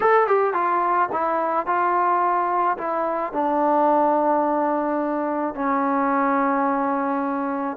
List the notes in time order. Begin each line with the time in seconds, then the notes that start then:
0.00 A4
0.27 G4
0.53 F4
1.12 E4
1.66 F4
2.77 E4
3.33 D4
5.55 C#4